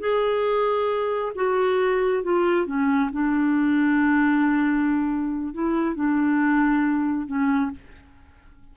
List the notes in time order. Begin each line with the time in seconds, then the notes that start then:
0.00 G#4
1.36 F#4
2.23 F4
2.66 C#4
3.13 D4
5.54 E4
5.95 D4
7.27 C#4